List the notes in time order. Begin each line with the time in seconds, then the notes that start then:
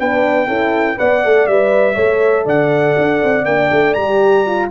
0.00 B3 D4 B4 G5
0.47 C#4 E4 A4
0.97 B3 B4 D5 F#5
1.24 A3 A4
1.47 G3 B4 E5
1.95 A3 A4 C#5
2.45 D3 D5 F#5
2.98 D4
3.23 C4
3.45 A#3 D4 G5
3.72 A3
3.94 G3 G4 A#5
4.46 F4